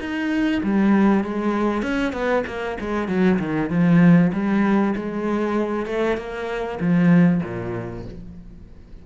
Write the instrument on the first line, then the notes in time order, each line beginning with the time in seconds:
cello
0.00 D#4
0.63 G3
1.24 G#3
1.82 C#4
2.13 B3
2.47 A#3
2.80 G#3
3.08 F#3
3.39 D#3
3.70 F3
4.33 G3
4.96 G#3
5.86 A3
6.17 A#3
6.80 F3
7.43 A#2